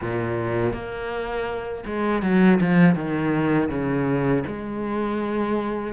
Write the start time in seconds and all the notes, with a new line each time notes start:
0.01 A#2
0.73 A#3
1.86 G#3
2.22 F#3
2.60 F3
2.95 D#3
3.69 C#3
4.46 G#3